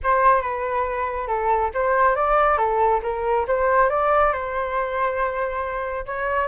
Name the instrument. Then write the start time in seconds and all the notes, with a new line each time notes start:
flute
0.03 C5
0.41 B4
1.27 A4
1.73 C5
2.15 D5
2.57 A4
3.02 A#4
3.47 C5
3.89 D5
4.32 C5
6.06 C#5